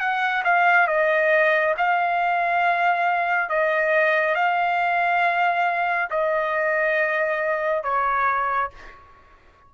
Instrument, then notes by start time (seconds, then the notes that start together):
trumpet
0.00 F#5
0.44 F5
0.88 D#5
1.78 F5
3.50 D#5
4.36 F5
6.11 D#5
7.83 C#5